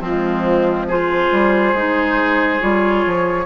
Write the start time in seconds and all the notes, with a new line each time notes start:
0.00 F3 C4 F4
0.06 G#3
0.88 F4 G#4 C5
1.32 G3
1.74 G#3 D#4
2.60 G3 F4 C#5
3.06 F3